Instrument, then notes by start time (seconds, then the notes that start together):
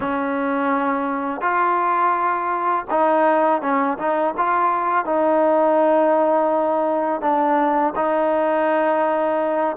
trombone
0.00 C#4
1.41 F4
2.90 D#4
3.61 C#4
3.98 D#4
4.37 F4
5.05 D#4
7.21 D4
7.95 D#4